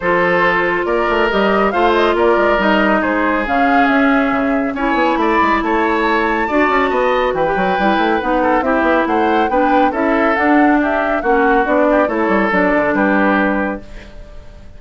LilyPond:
<<
  \new Staff \with { instrumentName = "flute" } { \time 4/4 \tempo 4 = 139 c''2 d''4 dis''4 | f''8 dis''8 d''4 dis''4 c''4 | f''4 e''2 gis''4 | b''4 a''2.~ |
a''4 g''2 fis''4 | e''4 fis''4 g''4 e''4 | fis''4 e''4 fis''4 d''4 | cis''4 d''4 b'2 | }
  \new Staff \with { instrumentName = "oboe" } { \time 4/4 a'2 ais'2 | c''4 ais'2 gis'4~ | gis'2. cis''4 | d''4 cis''2 d''4 |
dis''4 b'2~ b'8 a'8 | g'4 c''4 b'4 a'4~ | a'4 g'4 fis'4. g'8 | a'2 g'2 | }
  \new Staff \with { instrumentName = "clarinet" } { \time 4/4 f'2. g'4 | f'2 dis'2 | cis'2. e'4~ | e'2. fis'4~ |
fis'4~ fis'16 g'16 fis'8 e'4 dis'4 | e'2 d'4 e'4 | d'2 cis'4 d'4 | e'4 d'2. | }
  \new Staff \with { instrumentName = "bassoon" } { \time 4/4 f2 ais8 a8 g4 | a4 ais8 gis8 g4 gis4 | cis4 cis'4 cis4 cis'8 b8 | a8 gis8 a2 d'8 cis'8 |
b4 e8 fis8 g8 a8 b4 | c'8 b8 a4 b4 cis'4 | d'2 ais4 b4 | a8 g8 fis8 d8 g2 | }
>>